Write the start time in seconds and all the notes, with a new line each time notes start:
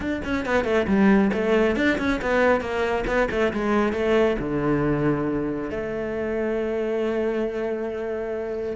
0.00 D4
0.24 C#4
0.45 B3
0.64 A3
0.87 G3
1.33 A3
1.76 D4
1.98 C#4
2.21 B3
2.60 A#3
3.06 B3
3.31 A3
3.53 G#3
3.93 A3
4.39 D3
5.70 A3